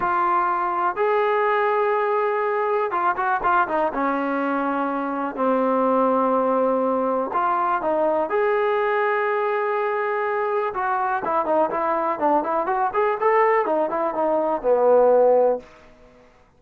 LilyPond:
\new Staff \with { instrumentName = "trombone" } { \time 4/4 \tempo 4 = 123 f'2 gis'2~ | gis'2 f'8 fis'8 f'8 dis'8 | cis'2. c'4~ | c'2. f'4 |
dis'4 gis'2.~ | gis'2 fis'4 e'8 dis'8 | e'4 d'8 e'8 fis'8 gis'8 a'4 | dis'8 e'8 dis'4 b2 | }